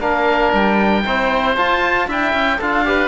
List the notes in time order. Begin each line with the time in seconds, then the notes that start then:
0.00 A#3 D4 A#4 F5
0.54 G3 G5
1.06 C4 E4 C5
1.57 F4 A5
2.08 D4 E4 E5 G5
2.33 C#4
2.58 D4 F4 A4 F5
2.85 G4 B4